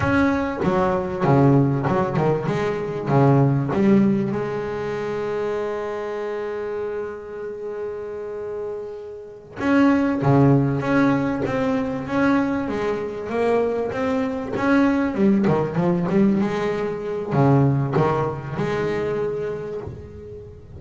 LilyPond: \new Staff \with { instrumentName = "double bass" } { \time 4/4 \tempo 4 = 97 cis'4 fis4 cis4 fis8 dis8 | gis4 cis4 g4 gis4~ | gis1~ | gis2.~ gis8 cis'8~ |
cis'8 cis4 cis'4 c'4 cis'8~ | cis'8 gis4 ais4 c'4 cis'8~ | cis'8 g8 dis8 f8 g8 gis4. | cis4 dis4 gis2 | }